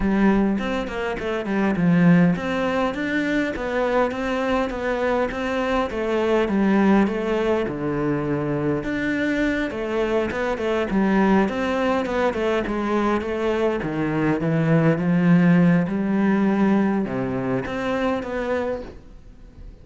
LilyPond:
\new Staff \with { instrumentName = "cello" } { \time 4/4 \tempo 4 = 102 g4 c'8 ais8 a8 g8 f4 | c'4 d'4 b4 c'4 | b4 c'4 a4 g4 | a4 d2 d'4~ |
d'8 a4 b8 a8 g4 c'8~ | c'8 b8 a8 gis4 a4 dis8~ | dis8 e4 f4. g4~ | g4 c4 c'4 b4 | }